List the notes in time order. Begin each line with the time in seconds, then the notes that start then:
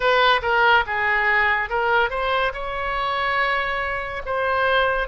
0.00 B4
0.41 A#4
0.86 G#4
1.69 A#4
2.10 C5
2.53 C#5
4.25 C5